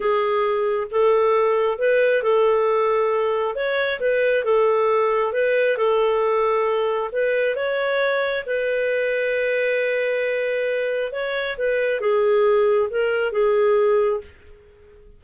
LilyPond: \new Staff \with { instrumentName = "clarinet" } { \time 4/4 \tempo 4 = 135 gis'2 a'2 | b'4 a'2. | cis''4 b'4 a'2 | b'4 a'2. |
b'4 cis''2 b'4~ | b'1~ | b'4 cis''4 b'4 gis'4~ | gis'4 ais'4 gis'2 | }